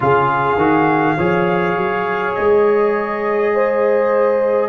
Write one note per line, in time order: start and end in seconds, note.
0.00 0.56 C#3
0.00 0.57 F4
0.00 1.17 G#4
0.00 2.35 F5
0.56 1.15 D#3
0.56 1.17 F#4
1.17 1.76 F3
1.17 4.68 G#4
1.17 3.52 C#5
1.76 2.35 F#3
2.35 4.68 G#3
2.35 4.68 D#5
3.54 4.68 C5